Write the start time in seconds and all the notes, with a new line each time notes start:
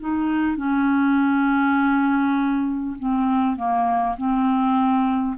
0.00 D#4
0.56 C#4
2.99 C4
3.56 A#3
4.17 C4